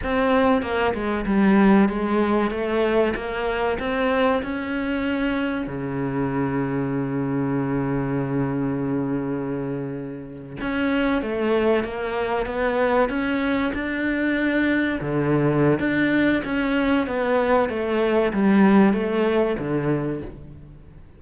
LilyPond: \new Staff \with { instrumentName = "cello" } { \time 4/4 \tempo 4 = 95 c'4 ais8 gis8 g4 gis4 | a4 ais4 c'4 cis'4~ | cis'4 cis2.~ | cis1~ |
cis8. cis'4 a4 ais4 b16~ | b8. cis'4 d'2 d16~ | d4 d'4 cis'4 b4 | a4 g4 a4 d4 | }